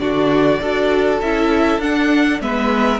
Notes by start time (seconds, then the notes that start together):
0.00 D3 D4 F#4 D5
0.61 D4 F#4 A4
1.21 C#4 E4 E5
1.79 D4 F#5
2.41 G#3 B3 B4 E5